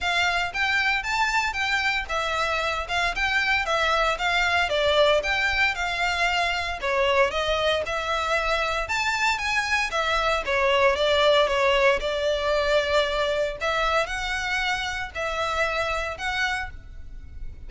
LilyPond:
\new Staff \with { instrumentName = "violin" } { \time 4/4 \tempo 4 = 115 f''4 g''4 a''4 g''4 | e''4. f''8 g''4 e''4 | f''4 d''4 g''4 f''4~ | f''4 cis''4 dis''4 e''4~ |
e''4 a''4 gis''4 e''4 | cis''4 d''4 cis''4 d''4~ | d''2 e''4 fis''4~ | fis''4 e''2 fis''4 | }